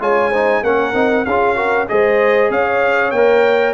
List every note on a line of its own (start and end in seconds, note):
0.00 0.63 G#3
0.00 0.31 F4
0.00 0.30 C#5
0.00 0.64 G#5
0.30 0.64 D#4
0.30 0.62 C5
0.63 0.94 A#3
0.63 0.94 C#4
0.63 1.27 A#4
0.63 1.25 F#5
0.94 1.25 C4
0.94 1.25 D#4
1.25 1.89 C#4
1.25 1.56 F4
1.25 1.56 G#4
1.25 1.88 F5
1.56 1.87 F#4
1.56 1.87 A#4
1.89 2.50 G#3
1.89 3.14 G#4
1.89 2.51 C5
1.89 2.51 D#5
2.50 3.12 C#4
2.50 3.74 C#5
2.50 3.11 F5
3.11 3.74 A#3
3.11 3.74 A#4
3.11 3.74 G5